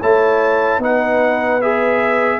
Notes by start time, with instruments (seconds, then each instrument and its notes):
0.00 tuba A3, trombone E4, horn C#5, trumpet A5
0.78 tuba B3, trombone D#4, horn B4, trumpet F#5
1.61 trombone G#4, trumpet E5